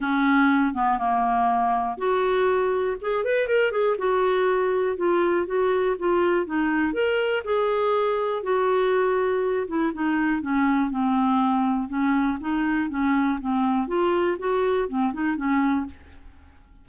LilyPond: \new Staff \with { instrumentName = "clarinet" } { \time 4/4 \tempo 4 = 121 cis'4. b8 ais2 | fis'2 gis'8 b'8 ais'8 gis'8 | fis'2 f'4 fis'4 | f'4 dis'4 ais'4 gis'4~ |
gis'4 fis'2~ fis'8 e'8 | dis'4 cis'4 c'2 | cis'4 dis'4 cis'4 c'4 | f'4 fis'4 c'8 dis'8 cis'4 | }